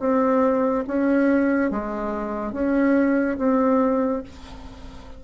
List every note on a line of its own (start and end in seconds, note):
0.00 0.85 C4
0.87 1.71 C#4
1.71 2.53 G#3
2.53 3.37 C#4
3.38 4.23 C4